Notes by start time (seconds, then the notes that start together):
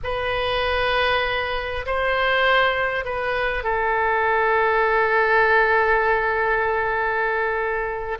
0.03 B4
1.85 C5
3.04 B4
3.63 A4